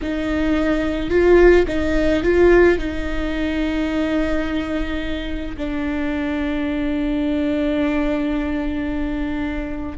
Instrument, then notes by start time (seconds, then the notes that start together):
viola
0.01 D#4
1.10 F4
1.67 D#4
2.23 F4
2.78 D#4
5.57 D4